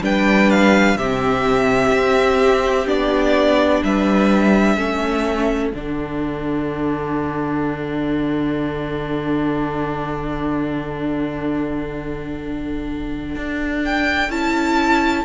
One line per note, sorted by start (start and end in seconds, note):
0.00 0.95 G3
0.00 0.96 D4
0.00 0.97 B4
0.00 0.50 G5
0.50 0.97 F5
0.95 1.90 C3
0.95 2.86 C4
0.95 3.83 G4
0.95 2.87 E5
1.91 2.87 C4
2.86 3.82 B3
2.86 4.76 D4
2.86 3.83 D5
3.84 4.76 G3
3.84 4.77 B4
3.84 5.71 E5
4.76 5.72 A3
4.76 5.72 C#4
4.76 15.25 A4
5.71 13.35 D3
5.71 14.30 D4
5.71 13.80 F#5
13.35 14.29 D4
13.85 14.31 G5
14.29 15.24 C#4
14.29 15.25 E4
14.29 15.25 A5